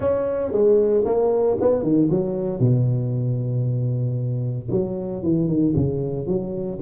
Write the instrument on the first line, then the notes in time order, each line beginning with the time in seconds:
tuba
0.00 C#4
0.51 G#3
1.05 A#3
1.61 B3
1.83 D#3
2.10 F#3
2.59 B2
4.70 F#3
5.22 E3
5.47 D#3
5.75 C#3
6.26 F#3